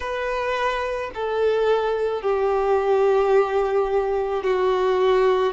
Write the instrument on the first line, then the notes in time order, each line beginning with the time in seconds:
violin
0.00 B4
1.14 A4
2.22 G4
4.43 F#4